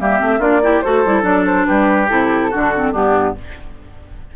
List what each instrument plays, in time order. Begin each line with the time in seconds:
0.00 bassoon G3, clarinet A#3, oboe G4, flute E5
0.19 bassoon A3, clarinet C4
0.39 bassoon A#3, clarinet D4, oboe F4, flute D5
0.62 clarinet E4, oboe G4
0.81 bassoon A3, clarinet F#4, oboe A4, flute C5
1.05 bassoon G3, clarinet E4
1.23 bassoon F#3, clarinet D4, flute D5
1.46 flute C5
1.66 bassoon G3, oboe G4, flute B4
2.08 bassoon C3, clarinet E4, flute A4
2.51 bassoon D3, clarinet D4, oboe F#4
2.75 clarinet C4
2.92 bassoon G2, clarinet B3, oboe D4, flute G4